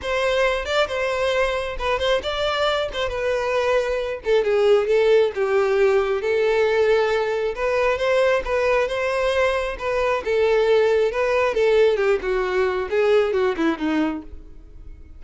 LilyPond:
\new Staff \with { instrumentName = "violin" } { \time 4/4 \tempo 4 = 135 c''4. d''8 c''2 | b'8 c''8 d''4. c''8 b'4~ | b'4. a'8 gis'4 a'4 | g'2 a'2~ |
a'4 b'4 c''4 b'4 | c''2 b'4 a'4~ | a'4 b'4 a'4 g'8 fis'8~ | fis'4 gis'4 fis'8 e'8 dis'4 | }